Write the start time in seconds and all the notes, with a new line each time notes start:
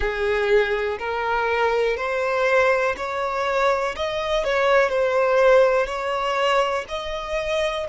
0.00 G#4
0.98 A#4
1.96 C5
2.96 C#5
3.96 D#5
4.44 C#5
4.89 C5
5.86 C#5
6.88 D#5